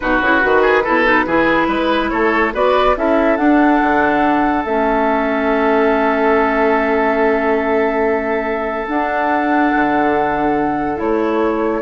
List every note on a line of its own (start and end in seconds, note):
0.00 0.21 B2
0.00 0.22 D#4
0.00 0.62 F#4
0.00 2.09 B4
0.21 0.42 C#3
0.21 0.40 E4
0.40 0.86 D#3
0.40 0.82 F#4
0.62 0.83 G#4
0.83 1.26 B2
0.83 1.05 E4
0.83 1.25 A4
1.05 1.26 D#4
1.26 1.67 E3
1.26 2.53 E4
1.26 1.68 G#4
1.67 2.09 G#3
1.67 2.10 B4
2.09 2.53 A3
2.09 2.54 A4
2.09 2.51 C#5
2.53 2.96 B3
2.53 2.95 F#4
2.53 2.96 B4
2.53 2.97 D5
2.96 3.38 C#4
2.96 3.38 E4
2.96 11.82 A4
2.96 3.37 E5
3.37 3.80 D4
3.37 4.66 D4
3.37 4.63 F#5
3.82 4.64 D3
4.64 8.87 A3
4.64 8.86 C#4
4.64 8.87 E5
8.86 10.96 D4
8.86 9.73 D4
8.86 10.99 F#5
9.75 11.00 D3
10.96 11.82 A3
10.96 11.80 E4
10.96 11.82 C#5